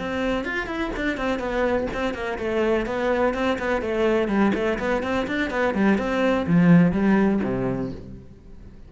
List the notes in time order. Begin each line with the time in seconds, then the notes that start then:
0.00 C4
0.45 F4
0.67 E4
0.97 D4
1.18 C4
1.40 B3
1.94 C4
2.14 A#3
2.39 A3
2.86 B3
3.34 C4
3.59 B3
3.82 A3
4.28 G3
4.55 A3
4.79 B3
5.03 C4
5.28 D4
5.51 B3
5.75 G3
5.98 C4
6.47 F3
6.93 G3
7.44 C3